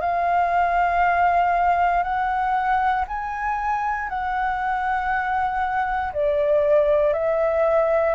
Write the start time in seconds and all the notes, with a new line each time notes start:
0.00 F5
2.03 F#5
3.07 G#5
4.09 F#5
6.12 D5
7.13 E5